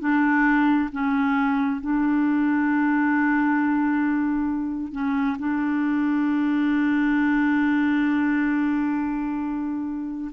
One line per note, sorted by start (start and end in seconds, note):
0.00 0.90 D4
0.92 1.81 C#4
1.81 4.92 D4
4.92 5.36 C#4
5.39 10.31 D4